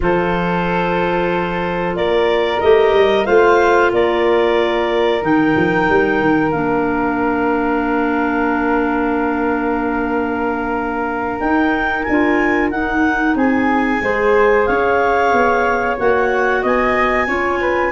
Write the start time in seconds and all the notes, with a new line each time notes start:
0.00 F3 F4 A4 C5
1.95 A#3 A#4 D5
2.60 A3 G4 D#5
2.93 G3
3.25 A3 F4 C5 F5
3.92 A#3 A#4 D5
5.20 D#3 D#4 G5
5.55 F3
5.89 G3
6.21 D#3
6.50 A#3 D4 F5
11.39 D#4 G5
12.03 D4 G#5
12.09 F4
12.71 D#4 F#5
13.35 C4 G#4 G#5
14.02 G#3 G#4 C5
14.66 C#4 C#5 F5
15.32 B3
15.98 A#3 F#4 F#5
16.61 B3 D#5 G#5
17.26 C#4 F4 C#5
17.60 B4